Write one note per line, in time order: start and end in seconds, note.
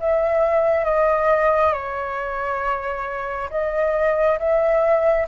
0.00 0.85 E5
0.85 1.73 D#5
1.73 3.50 C#5
3.51 4.39 D#5
4.39 5.27 E5